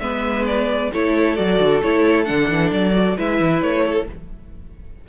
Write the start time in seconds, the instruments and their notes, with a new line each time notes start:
0.00 cello G#3, viola B3, violin B4 E5
0.47 violin D5
0.93 cello A3, viola E4, violin A4 C#5
1.36 cello F#3, viola F#4, violin D5
1.59 cello D3
1.82 cello A3, viola E4, violin C#5
2.25 cello D3, viola D4, violin F#5
2.49 cello E3
2.72 cello F#3, violin D5
2.94 viola F#4
3.17 cello G#3, viola E4, violin B4 E5
3.40 cello E3
3.62 cello A3, violin C#5
3.86 violin A4